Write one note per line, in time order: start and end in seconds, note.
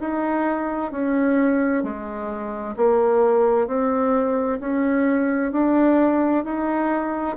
0.00 0.91 D#4
0.91 1.83 C#4
1.83 2.75 G#3
2.77 3.67 A#3
3.67 4.59 C4
4.60 5.52 C#4
5.52 6.44 D4
6.44 7.37 D#4